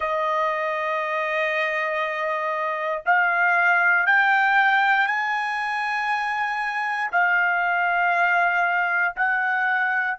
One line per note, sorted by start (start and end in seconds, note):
0.00 3.02 D#5
3.05 4.06 F5
4.06 5.07 G5
5.07 7.10 G#5
7.11 9.14 F5
9.16 10.17 F#5